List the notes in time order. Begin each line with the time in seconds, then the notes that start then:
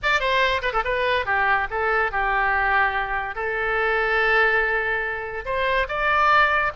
0.02 D5
0.19 C5
0.62 B4
0.72 A4
0.84 B4
1.25 G4
1.70 A4
2.11 G4
3.35 A4
5.45 C5
5.88 D5